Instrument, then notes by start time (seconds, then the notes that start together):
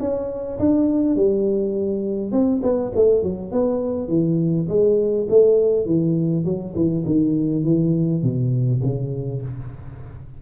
tuba
0.00 C#4
0.59 D4
1.16 G3
2.32 C4
2.63 B3
2.96 A3
3.23 F#3
3.52 B3
4.09 E3
4.68 G#3
5.30 A3
5.86 E3
6.45 F#3
6.75 E3
7.06 D#3
7.64 E3
8.23 B2
8.83 C#3